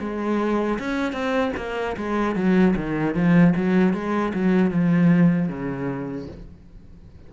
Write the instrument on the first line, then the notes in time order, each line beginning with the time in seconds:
cello
0.00 G#3
0.80 C#4
1.13 C4
1.57 A#3
1.97 G#3
2.36 F#3
2.77 D#3
3.15 F3
3.56 F#3
3.94 G#3
4.34 F#3
4.71 F3
5.49 C#3